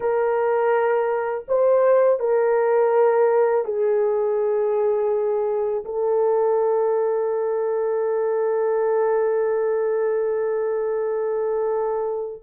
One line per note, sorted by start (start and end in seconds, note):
0.00 1.45 A#4
1.48 2.20 C5
2.20 3.65 A#4
3.65 5.84 G#4
5.84 12.42 A4